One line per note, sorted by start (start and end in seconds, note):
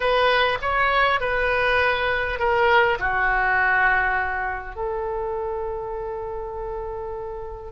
0.00 0.58 B4
0.61 1.20 C#5
1.20 2.39 B4
2.39 2.98 A#4
2.99 4.75 F#4
4.75 7.71 A4